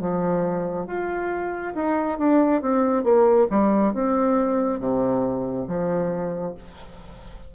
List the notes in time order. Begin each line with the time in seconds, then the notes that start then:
0.00 F3
0.87 F4
1.75 D#4
2.19 D4
2.62 C4
3.04 A#3
3.50 G3
3.93 C4
4.79 C3
5.68 F3